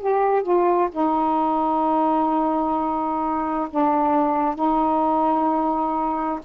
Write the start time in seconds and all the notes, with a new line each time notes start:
0.00 G4
0.43 F4
0.91 D#4
3.70 D4
4.55 D#4